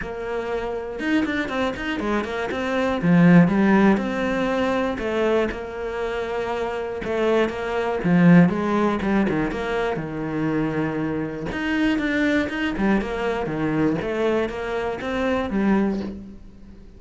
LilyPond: \new Staff \with { instrumentName = "cello" } { \time 4/4 \tempo 4 = 120 ais2 dis'8 d'8 c'8 dis'8 | gis8 ais8 c'4 f4 g4 | c'2 a4 ais4~ | ais2 a4 ais4 |
f4 gis4 g8 dis8 ais4 | dis2. dis'4 | d'4 dis'8 g8 ais4 dis4 | a4 ais4 c'4 g4 | }